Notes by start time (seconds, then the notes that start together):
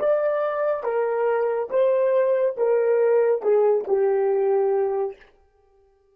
0.00 D5
0.84 A#4
1.71 C5
2.58 A#4
3.42 G#4
3.88 G4